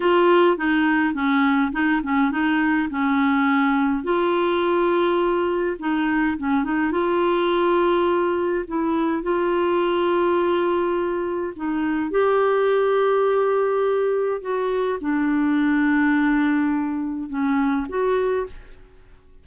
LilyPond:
\new Staff \with { instrumentName = "clarinet" } { \time 4/4 \tempo 4 = 104 f'4 dis'4 cis'4 dis'8 cis'8 | dis'4 cis'2 f'4~ | f'2 dis'4 cis'8 dis'8 | f'2. e'4 |
f'1 | dis'4 g'2.~ | g'4 fis'4 d'2~ | d'2 cis'4 fis'4 | }